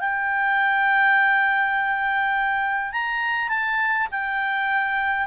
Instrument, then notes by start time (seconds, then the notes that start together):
clarinet
0.00 G5
2.93 A#5
3.49 A5
4.11 G5